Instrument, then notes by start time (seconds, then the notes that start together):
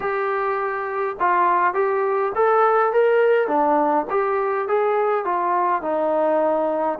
trombone
0.00 G4
1.19 F4
1.74 G4
2.35 A4
2.93 A#4
3.47 D4
4.10 G4
4.68 G#4
5.24 F4
5.82 D#4